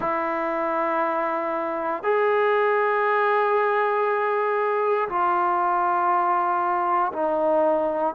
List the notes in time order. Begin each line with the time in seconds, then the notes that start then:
0.00 E4
2.03 G#4
5.08 F4
7.12 D#4